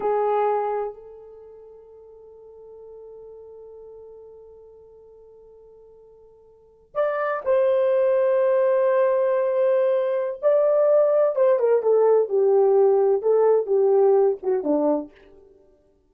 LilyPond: \new Staff \with { instrumentName = "horn" } { \time 4/4 \tempo 4 = 127 gis'2 a'2~ | a'1~ | a'1~ | a'2~ a'8. d''4 c''16~ |
c''1~ | c''2 d''2 | c''8 ais'8 a'4 g'2 | a'4 g'4. fis'8 d'4 | }